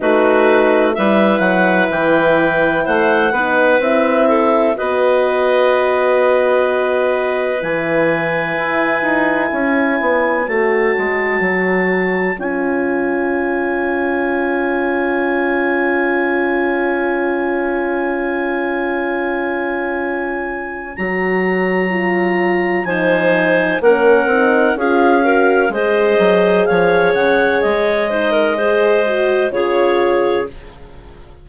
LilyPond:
<<
  \new Staff \with { instrumentName = "clarinet" } { \time 4/4 \tempo 4 = 63 b'4 e''8 fis''8 g''4 fis''4 | e''4 dis''2. | gis''2. a''4~ | a''4 gis''2.~ |
gis''1~ | gis''2 ais''2 | gis''4 fis''4 f''4 dis''4 | f''8 fis''8 dis''2 cis''4 | }
  \new Staff \with { instrumentName = "clarinet" } { \time 4/4 fis'4 b'2 c''8 b'8~ | b'8 a'8 b'2.~ | b'2 cis''2~ | cis''1~ |
cis''1~ | cis''1 | c''4 ais'4 gis'8 ais'8 c''4 | cis''4. c''16 ais'16 c''4 gis'4 | }
  \new Staff \with { instrumentName = "horn" } { \time 4/4 dis'4 e'2~ e'8 dis'8 | e'4 fis'2. | e'2. fis'4~ | fis'4 f'2.~ |
f'1~ | f'2 fis'4 f'4 | dis'4 cis'8 dis'8 f'8 fis'8 gis'4~ | gis'4. dis'8 gis'8 fis'8 f'4 | }
  \new Staff \with { instrumentName = "bassoon" } { \time 4/4 a4 g8 fis8 e4 a8 b8 | c'4 b2. | e4 e'8 dis'8 cis'8 b8 a8 gis8 | fis4 cis'2.~ |
cis'1~ | cis'2 fis2 | f4 ais8 c'8 cis'4 gis8 fis8 | f8 cis8 gis2 cis4 | }
>>